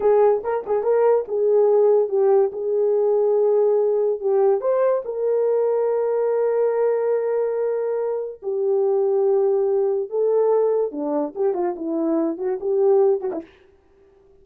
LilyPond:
\new Staff \with { instrumentName = "horn" } { \time 4/4 \tempo 4 = 143 gis'4 ais'8 gis'8 ais'4 gis'4~ | gis'4 g'4 gis'2~ | gis'2 g'4 c''4 | ais'1~ |
ais'1 | g'1 | a'2 d'4 g'8 f'8 | e'4. fis'8 g'4. fis'16 e'16 | }